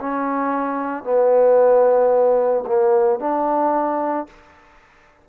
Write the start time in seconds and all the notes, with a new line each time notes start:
0.00 C#4
1.04 B3
2.66 A#3
3.20 D4